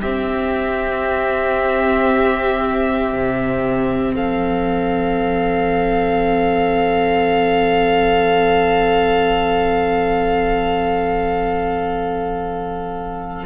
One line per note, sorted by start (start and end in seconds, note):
0.00 13.45 C4
0.00 3.12 C4
0.00 4.14 G4
0.00 4.14 E5
3.12 4.14 C3
4.14 13.45 F3
4.14 13.45 A4
4.14 13.45 F5